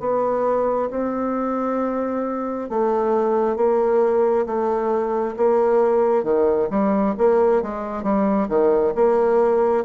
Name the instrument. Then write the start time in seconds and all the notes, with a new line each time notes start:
bassoon
0.00 B3
0.90 C4
2.69 A3
3.56 A#3
4.46 A3
5.37 A#3
6.24 D#3
6.70 G3
7.18 A#3
7.62 G#3
8.03 G3
8.48 D#3
8.95 A#3